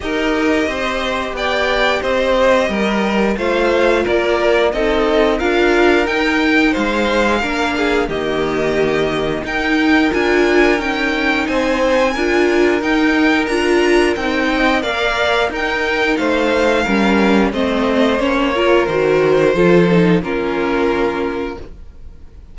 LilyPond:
<<
  \new Staff \with { instrumentName = "violin" } { \time 4/4 \tempo 4 = 89 dis''2 g''4 dis''4~ | dis''4 f''4 d''4 dis''4 | f''4 g''4 f''2 | dis''2 g''4 gis''4 |
g''4 gis''2 g''4 | ais''4 g''4 f''4 g''4 | f''2 dis''4 cis''4 | c''2 ais'2 | }
  \new Staff \with { instrumentName = "violin" } { \time 4/4 ais'4 c''4 d''4 c''4 | ais'4 c''4 ais'4 a'4 | ais'2 c''4 ais'8 gis'8 | g'2 ais'2~ |
ais'4 c''4 ais'2~ | ais'4. dis''8 d''4 ais'4 | c''4 ais'4 c''4. ais'8~ | ais'4 a'4 f'2 | }
  \new Staff \with { instrumentName = "viola" } { \time 4/4 g'1~ | g'4 f'2 dis'4 | f'4 dis'2 d'4 | ais2 dis'4 f'4 |
dis'2 f'4 dis'4 | f'4 dis'4 ais'4 dis'4~ | dis'4 cis'4 c'4 cis'8 f'8 | fis'4 f'8 dis'8 cis'2 | }
  \new Staff \with { instrumentName = "cello" } { \time 4/4 dis'4 c'4 b4 c'4 | g4 a4 ais4 c'4 | d'4 dis'4 gis4 ais4 | dis2 dis'4 d'4 |
cis'4 c'4 d'4 dis'4 | d'4 c'4 ais4 dis'4 | a4 g4 a4 ais4 | dis4 f4 ais2 | }
>>